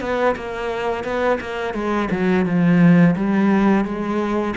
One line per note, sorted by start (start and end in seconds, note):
0.00 0.35 B3
0.36 1.04 A#3
1.04 1.39 B3
1.40 1.74 A#3
1.74 2.09 G#3
2.11 2.45 F#3
2.45 3.15 F3
3.16 3.85 G3
3.85 4.54 G#3